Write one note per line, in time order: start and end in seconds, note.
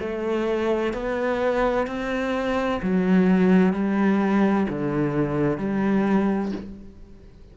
0.00 0.93 A3
0.93 1.87 B3
1.87 2.81 C4
2.83 3.73 F#3
3.73 4.67 G3
4.69 5.58 D3
5.58 6.52 G3